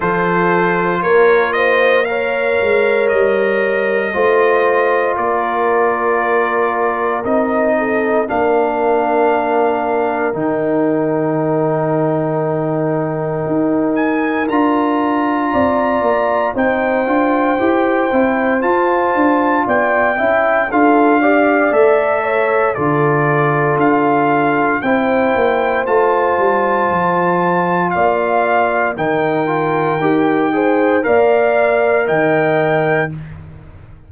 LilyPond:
<<
  \new Staff \with { instrumentName = "trumpet" } { \time 4/4 \tempo 4 = 58 c''4 cis''8 dis''8 f''4 dis''4~ | dis''4 d''2 dis''4 | f''2 g''2~ | g''4. gis''8 ais''2 |
g''2 a''4 g''4 | f''4 e''4 d''4 f''4 | g''4 a''2 f''4 | g''2 f''4 g''4 | }
  \new Staff \with { instrumentName = "horn" } { \time 4/4 a'4 ais'8 c''8 cis''2 | c''4 ais'2~ ais'8 a'8 | ais'1~ | ais'2. d''4 |
c''2. d''8 e''8 | a'8 d''4 cis''8 a'2 | c''2. d''4 | ais'4. c''8 d''4 dis''4 | }
  \new Staff \with { instrumentName = "trombone" } { \time 4/4 f'2 ais'2 | f'2. dis'4 | d'2 dis'2~ | dis'2 f'2 |
dis'8 f'8 g'8 e'8 f'4. e'8 | f'8 g'8 a'4 f'2 | e'4 f'2. | dis'8 f'8 g'8 gis'8 ais'2 | }
  \new Staff \with { instrumentName = "tuba" } { \time 4/4 f4 ais4. gis8 g4 | a4 ais2 c'4 | ais2 dis2~ | dis4 dis'4 d'4 c'8 ais8 |
c'8 d'8 e'8 c'8 f'8 d'8 b8 cis'8 | d'4 a4 d4 d'4 | c'8 ais8 a8 g8 f4 ais4 | dis4 dis'4 ais4 dis4 | }
>>